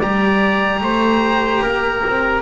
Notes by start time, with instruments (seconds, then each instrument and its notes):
0.00 double bass G3, cello G4, trumpet D5, oboe A#5
0.81 double bass A3, trumpet C5
1.63 double bass A#3, trumpet A#4
2.07 double bass C4